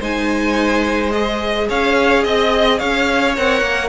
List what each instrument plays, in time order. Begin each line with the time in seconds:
0.00 cello G#3, viola D#4, violin C5 G#5
1.11 viola G#4, violin D#5
1.69 cello C#4, violin C#5 F5
2.23 cello C4, violin D#5
2.79 cello C#4, violin C#5 F5
3.36 cello C4, viola A#4, violin F#5
3.62 cello A#3